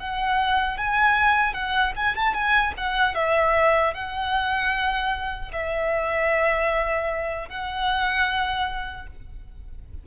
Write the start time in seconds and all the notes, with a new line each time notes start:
0.00 F#5
0.78 G#5
1.54 F#5
1.97 G#5
2.16 A5
2.34 G#5
2.77 F#5
3.15 E5
3.94 F#5
5.53 E5
7.49 F#5